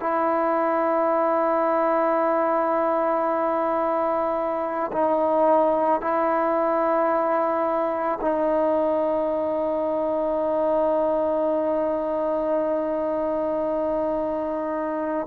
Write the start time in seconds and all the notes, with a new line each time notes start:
0.00 E4
4.92 D#4
6.01 E4
8.21 D#4